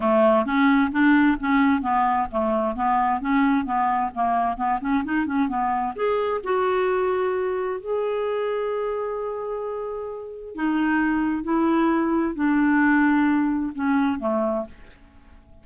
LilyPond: \new Staff \with { instrumentName = "clarinet" } { \time 4/4 \tempo 4 = 131 a4 cis'4 d'4 cis'4 | b4 a4 b4 cis'4 | b4 ais4 b8 cis'8 dis'8 cis'8 | b4 gis'4 fis'2~ |
fis'4 gis'2.~ | gis'2. dis'4~ | dis'4 e'2 d'4~ | d'2 cis'4 a4 | }